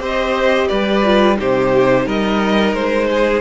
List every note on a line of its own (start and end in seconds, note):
0.00 0.68 C4
0.00 1.04 G4
0.00 0.68 C5
0.00 0.69 D#5
0.69 1.40 G3
0.69 1.38 B4
0.69 1.37 D5
1.04 1.37 F4
1.37 2.06 C3
1.37 3.42 D#4
1.37 2.06 G4
1.37 2.09 C5
2.06 2.73 G3
2.06 3.09 A#4
2.06 2.75 D#5
2.73 3.41 G#3
2.73 3.42 C5
3.10 3.42 G#4